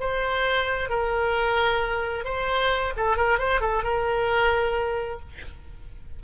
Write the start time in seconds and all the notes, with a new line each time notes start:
0.00 C5
0.89 A#4
2.25 C5
2.97 A4
3.17 A#4
3.39 C5
3.61 A4
3.83 A#4